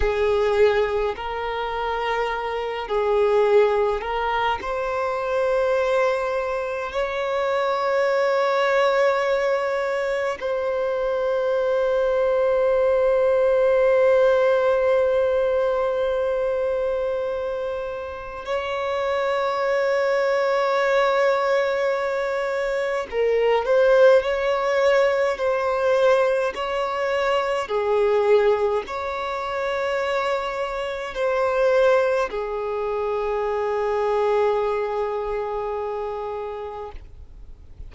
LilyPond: \new Staff \with { instrumentName = "violin" } { \time 4/4 \tempo 4 = 52 gis'4 ais'4. gis'4 ais'8 | c''2 cis''2~ | cis''4 c''2.~ | c''1 |
cis''1 | ais'8 c''8 cis''4 c''4 cis''4 | gis'4 cis''2 c''4 | gis'1 | }